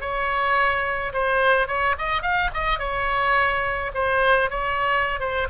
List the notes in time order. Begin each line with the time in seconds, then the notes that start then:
0.00 C#5
1.12 C5
1.67 C#5
1.98 D#5
2.22 F5
2.54 D#5
2.79 C#5
3.94 C5
4.50 C#5
5.19 C5